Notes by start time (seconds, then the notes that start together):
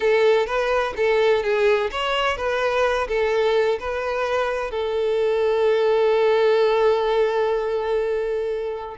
0.00 A4
0.46 B4
0.96 A4
1.43 G#4
1.91 C#5
2.36 B4
3.08 A4
3.79 B4
4.71 A4